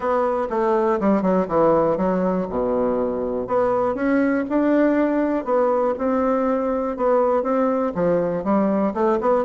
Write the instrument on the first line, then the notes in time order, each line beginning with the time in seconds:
bassoon
0.00 B3
0.50 A3
1.00 G3
1.22 F#3
1.48 E3
1.97 F#3
2.49 B2
3.47 B3
3.94 C#4
4.49 D4
5.44 B3
5.98 C4
6.96 B3
7.42 C4
7.95 F3
8.44 G3
8.94 A3
9.21 B3